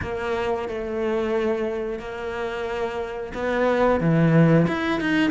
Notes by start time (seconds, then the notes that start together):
0.02 A#3
0.68 A3
1.99 A#3
3.33 B3
4.00 E3
4.67 E4
5.00 D#4